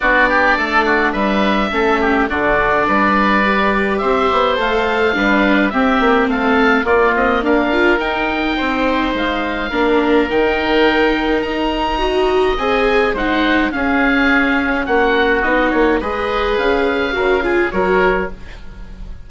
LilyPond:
<<
  \new Staff \with { instrumentName = "oboe" } { \time 4/4 \tempo 4 = 105 d''2 e''2 | d''2. e''4 | f''2 e''4 f''4 | d''8 dis''8 f''4 g''2 |
f''2 g''2 | ais''2 gis''4 fis''4 | f''2 fis''4 dis''8 cis''8 | dis''4 f''2 cis''4 | }
  \new Staff \with { instrumentName = "oboe" } { \time 4/4 fis'8 g'8 a'8 fis'8 b'4 a'8 g'8 | fis'4 b'2 c''4~ | c''4 b'4 g'4 a'4 | f'4 ais'2 c''4~ |
c''4 ais'2.~ | ais'4 dis''2 c''4 | gis'2 fis'2 | b'2 ais'8 gis'8 ais'4 | }
  \new Staff \with { instrumentName = "viola" } { \time 4/4 d'2. cis'4 | d'2 g'2 | a'4 d'4 c'2 | ais4. f'8 dis'2~ |
dis'4 d'4 dis'2~ | dis'4 fis'4 gis'4 dis'4 | cis'2. dis'4 | gis'2 fis'8 f'8 fis'4 | }
  \new Staff \with { instrumentName = "bassoon" } { \time 4/4 b4 a4 g4 a4 | d4 g2 c'8 b8 | a4 g4 c'8 ais8 a4 | ais8 c'8 d'4 dis'4 c'4 |
gis4 ais4 dis2 | dis'2 c'4 gis4 | cis'2 ais4 b8 ais8 | gis4 cis'4 cis4 fis4 | }
>>